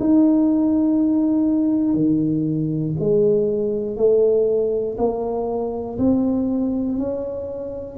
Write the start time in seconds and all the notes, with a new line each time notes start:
0.00 D#4
1.95 D#3
3.00 G#3
3.97 A3
4.98 A#3
5.98 C4
6.98 C#4